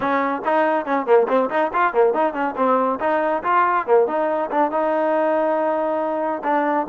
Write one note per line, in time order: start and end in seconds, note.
0.00 0.42 C#4
0.44 0.85 D#4
0.85 1.06 C#4
1.06 1.27 A#3
1.28 1.49 C4
1.49 1.71 D#4
1.73 1.93 F4
1.93 2.13 A#3
2.13 2.33 D#4
2.33 2.54 C#4
2.56 2.99 C4
2.99 3.42 D#4
3.43 3.86 F4
3.86 4.07 A#3
4.07 4.49 D#4
4.50 4.71 D4
4.71 6.42 D#4
6.43 6.86 D4